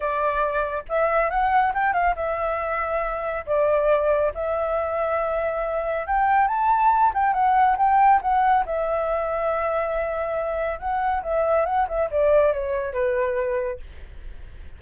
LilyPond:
\new Staff \with { instrumentName = "flute" } { \time 4/4 \tempo 4 = 139 d''2 e''4 fis''4 | g''8 f''8 e''2. | d''2 e''2~ | e''2 g''4 a''4~ |
a''8 g''8 fis''4 g''4 fis''4 | e''1~ | e''4 fis''4 e''4 fis''8 e''8 | d''4 cis''4 b'2 | }